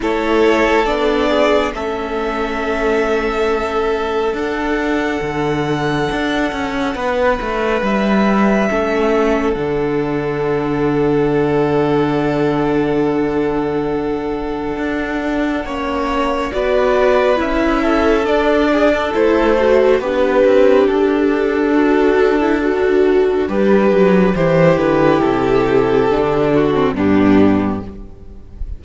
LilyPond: <<
  \new Staff \with { instrumentName = "violin" } { \time 4/4 \tempo 4 = 69 cis''4 d''4 e''2~ | e''4 fis''2.~ | fis''4 e''2 fis''4~ | fis''1~ |
fis''2. d''4 | e''4 d''4 c''4 b'4 | a'2. b'4 | c''8 b'8 a'2 g'4 | }
  \new Staff \with { instrumentName = "violin" } { \time 4/4 a'4. gis'8 a'2~ | a'1 | b'2 a'2~ | a'1~ |
a'2 cis''4 b'4~ | b'8 a'4 gis'16 a'4~ a'16 d'4~ | d'1 | g'2~ g'8 fis'8 d'4 | }
  \new Staff \with { instrumentName = "viola" } { \time 4/4 e'4 d'4 cis'2~ | cis'4 d'2.~ | d'2 cis'4 d'4~ | d'1~ |
d'2 cis'4 fis'4 | e'4 d'4 e'8 fis'8 g'4~ | g'4 fis'8. e'16 fis'4 g'4 | e'2 d'8. c'16 b4 | }
  \new Staff \with { instrumentName = "cello" } { \time 4/4 a4 b4 a2~ | a4 d'4 d4 d'8 cis'8 | b8 a8 g4 a4 d4~ | d1~ |
d4 d'4 ais4 b4 | cis'4 d'4 a4 b8 c'8 | d'2. g8 fis8 | e8 d8 c4 d4 g,4 | }
>>